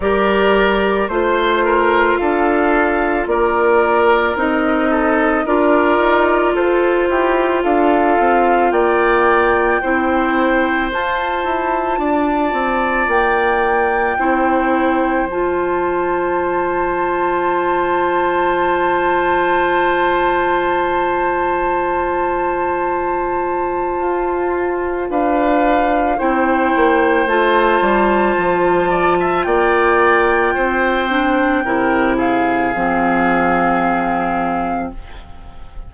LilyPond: <<
  \new Staff \with { instrumentName = "flute" } { \time 4/4 \tempo 4 = 55 d''4 c''4 f''4 d''4 | dis''4 d''4 c''4 f''4 | g''2 a''2 | g''2 a''2~ |
a''1~ | a''2. f''4 | g''4 a''2 g''4~ | g''4. f''2~ f''8 | }
  \new Staff \with { instrumentName = "oboe" } { \time 4/4 ais'4 c''8 ais'8 a'4 ais'4~ | ais'8 a'8 ais'4 a'8 g'8 a'4 | d''4 c''2 d''4~ | d''4 c''2.~ |
c''1~ | c''2. b'4 | c''2~ c''8 d''16 e''16 d''4 | c''4 ais'8 gis'2~ gis'8 | }
  \new Staff \with { instrumentName = "clarinet" } { \time 4/4 g'4 f'2. | dis'4 f'2.~ | f'4 e'4 f'2~ | f'4 e'4 f'2~ |
f'1~ | f'1 | e'4 f'2.~ | f'8 d'8 e'4 c'2 | }
  \new Staff \with { instrumentName = "bassoon" } { \time 4/4 g4 a4 d'4 ais4 | c'4 d'8 dis'8 f'8 e'8 d'8 c'8 | ais4 c'4 f'8 e'8 d'8 c'8 | ais4 c'4 f2~ |
f1~ | f2 f'4 d'4 | c'8 ais8 a8 g8 f4 ais4 | c'4 c4 f2 | }
>>